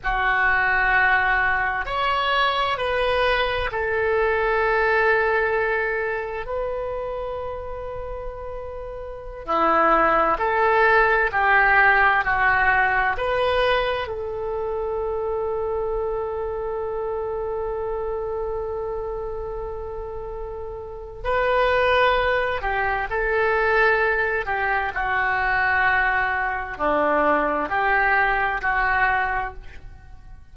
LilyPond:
\new Staff \with { instrumentName = "oboe" } { \time 4/4 \tempo 4 = 65 fis'2 cis''4 b'4 | a'2. b'4~ | b'2~ b'16 e'4 a'8.~ | a'16 g'4 fis'4 b'4 a'8.~ |
a'1~ | a'2. b'4~ | b'8 g'8 a'4. g'8 fis'4~ | fis'4 d'4 g'4 fis'4 | }